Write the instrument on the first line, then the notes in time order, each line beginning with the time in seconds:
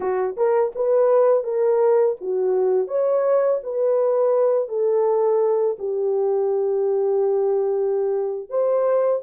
horn
0.00 F#4
0.36 A#4
0.75 B4
1.43 A#4
2.20 F#4
2.87 C#5
3.63 B4
4.68 A4
5.78 G4
8.49 C5